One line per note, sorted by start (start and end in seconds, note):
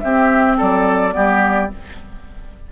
0.00 0.59 C4
0.00 1.11 C4
0.00 0.58 G4
0.00 0.56 E5
0.58 1.16 F#3
0.58 1.14 A4
0.58 1.72 D5
1.11 1.72 G3
1.11 1.67 B3
1.11 1.72 G4